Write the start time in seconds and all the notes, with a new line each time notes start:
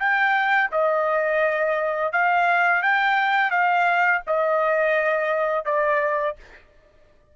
0.00 G5
0.72 D#5
2.13 F5
2.83 G5
3.51 F5
4.27 D#5
5.66 D5